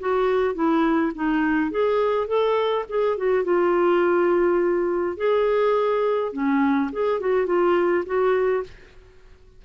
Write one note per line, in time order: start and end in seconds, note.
0.00 0.55 F#4
0.55 1.12 E4
1.15 1.71 D#4
1.71 2.27 G#4
2.27 2.85 A4
2.89 3.18 G#4
3.18 3.44 F#4
3.44 5.17 F4
5.17 6.33 G#4
6.33 6.90 C#4
6.92 7.20 G#4
7.20 7.46 F#4
7.46 8.04 F4
8.06 8.64 F#4